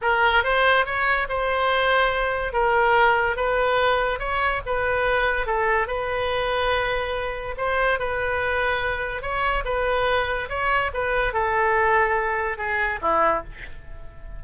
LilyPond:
\new Staff \with { instrumentName = "oboe" } { \time 4/4 \tempo 4 = 143 ais'4 c''4 cis''4 c''4~ | c''2 ais'2 | b'2 cis''4 b'4~ | b'4 a'4 b'2~ |
b'2 c''4 b'4~ | b'2 cis''4 b'4~ | b'4 cis''4 b'4 a'4~ | a'2 gis'4 e'4 | }